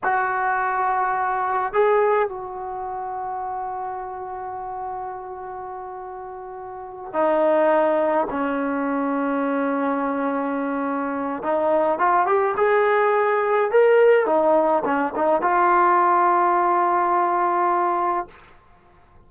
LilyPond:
\new Staff \with { instrumentName = "trombone" } { \time 4/4 \tempo 4 = 105 fis'2. gis'4 | fis'1~ | fis'1~ | fis'8 dis'2 cis'4.~ |
cis'1 | dis'4 f'8 g'8 gis'2 | ais'4 dis'4 cis'8 dis'8 f'4~ | f'1 | }